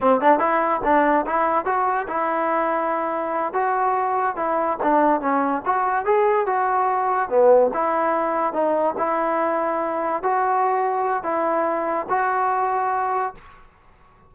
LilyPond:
\new Staff \with { instrumentName = "trombone" } { \time 4/4 \tempo 4 = 144 c'8 d'8 e'4 d'4 e'4 | fis'4 e'2.~ | e'8 fis'2 e'4 d'8~ | d'8 cis'4 fis'4 gis'4 fis'8~ |
fis'4. b4 e'4.~ | e'8 dis'4 e'2~ e'8~ | e'8 fis'2~ fis'8 e'4~ | e'4 fis'2. | }